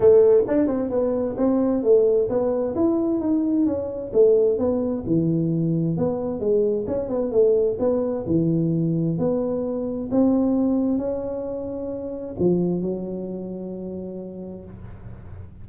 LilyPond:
\new Staff \with { instrumentName = "tuba" } { \time 4/4 \tempo 4 = 131 a4 d'8 c'8 b4 c'4 | a4 b4 e'4 dis'4 | cis'4 a4 b4 e4~ | e4 b4 gis4 cis'8 b8 |
a4 b4 e2 | b2 c'2 | cis'2. f4 | fis1 | }